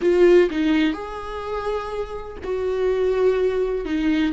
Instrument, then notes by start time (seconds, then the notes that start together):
viola
0.01 F4
0.50 D#4
0.93 G#4
2.43 F#4
3.85 D#4